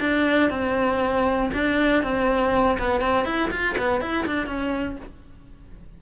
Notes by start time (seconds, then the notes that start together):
0.00 D4
0.50 C4
1.54 D4
2.03 C4
2.78 B3
3.01 C4
3.25 E4
3.51 F4
3.78 B3
4.01 E4
4.26 D4
4.47 C#4